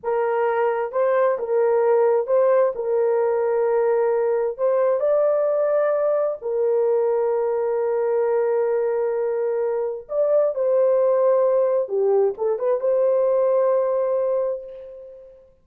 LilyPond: \new Staff \with { instrumentName = "horn" } { \time 4/4 \tempo 4 = 131 ais'2 c''4 ais'4~ | ais'4 c''4 ais'2~ | ais'2 c''4 d''4~ | d''2 ais'2~ |
ais'1~ | ais'2 d''4 c''4~ | c''2 g'4 a'8 b'8 | c''1 | }